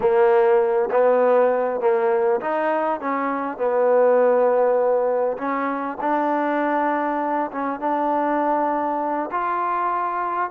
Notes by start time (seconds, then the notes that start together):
0.00 A#3
0.91 B3
1.80 A#3
2.40 D#4
3.00 C#4
3.57 B3
5.37 C#4
6.00 D4
7.51 C#4
7.79 D4
9.31 F4